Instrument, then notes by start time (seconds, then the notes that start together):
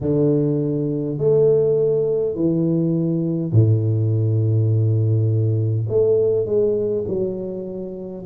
tuba
0.01 D3
1.18 A3
2.35 E3
3.51 A2
5.88 A3
6.45 G#3
7.07 F#3